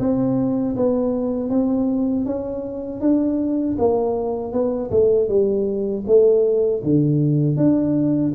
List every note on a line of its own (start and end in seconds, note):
0.00 0.76 C4
0.77 1.50 B3
1.50 2.26 C4
2.26 3.01 C#4
3.01 3.77 D4
3.79 4.53 A#3
4.53 4.91 B3
4.91 5.29 A3
5.29 6.04 G3
6.07 6.83 A3
6.84 7.57 D3
7.57 8.33 D4